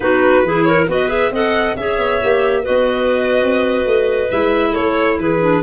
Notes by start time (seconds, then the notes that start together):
0.00 B3 D#4 F#4 B4
0.43 E3 E4 G#4
0.63 A#4 C#5
0.87 B3 F#4 B4 D#5
1.08 G#4 E5
1.31 C4 A4 D#5 F#5
1.76 C#4 G#4 C#5 E5
1.98 B3
2.21 A#3 G4
2.63 B3 F#4 B4 D#5
3.42 C4
3.85 A3
4.30 G#3 E4 E5
4.70 A3 A4 C#5
5.18 E3 G#4 B4
5.40 D4